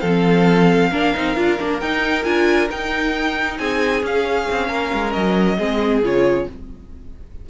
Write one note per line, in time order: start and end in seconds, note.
0.00 0.92 F3
0.00 0.91 A4
0.00 1.78 F5
0.07 0.92 C4
0.91 1.14 A#3
0.91 1.15 D4
0.91 3.58 A#4
1.15 1.37 C4
1.15 1.36 D#4
1.36 1.59 D4
1.36 1.58 F4
1.60 1.82 A#3
1.60 1.82 D4
1.81 2.26 D#4
1.81 2.25 D#4
1.81 2.24 G5
2.24 2.70 D4
2.24 2.69 F4
2.24 2.69 G#5
2.70 4.03 D#4
2.70 3.59 D#4
2.70 3.58 G5
3.58 4.03 C4
3.58 4.69 G#4
3.58 4.03 G#5
4.03 5.58 C#4
4.03 4.47 C#4
4.03 5.13 F5
4.51 4.70 C4
4.69 4.92 A#3
4.69 5.57 A#4
4.94 5.16 G#3
5.13 5.59 F#3
5.13 6.01 D#5
5.58 6.02 G#3
5.58 6.03 C4
5.58 6.47 G#4
6.02 6.47 C#3
6.02 6.48 F4
6.02 6.50 C#5